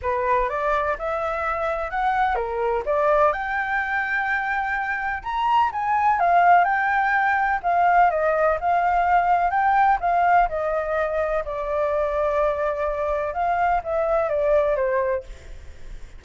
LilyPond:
\new Staff \with { instrumentName = "flute" } { \time 4/4 \tempo 4 = 126 b'4 d''4 e''2 | fis''4 ais'4 d''4 g''4~ | g''2. ais''4 | gis''4 f''4 g''2 |
f''4 dis''4 f''2 | g''4 f''4 dis''2 | d''1 | f''4 e''4 d''4 c''4 | }